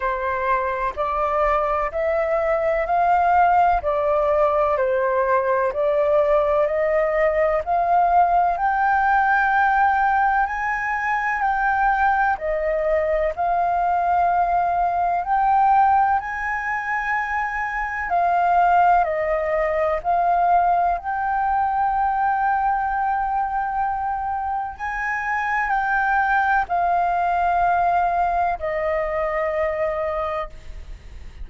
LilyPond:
\new Staff \with { instrumentName = "flute" } { \time 4/4 \tempo 4 = 63 c''4 d''4 e''4 f''4 | d''4 c''4 d''4 dis''4 | f''4 g''2 gis''4 | g''4 dis''4 f''2 |
g''4 gis''2 f''4 | dis''4 f''4 g''2~ | g''2 gis''4 g''4 | f''2 dis''2 | }